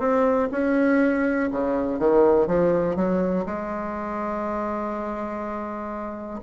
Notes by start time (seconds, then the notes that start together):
0.00 C4
0.52 C#4
1.51 C#3
1.99 D#3
2.47 F3
2.96 F#3
3.46 G#3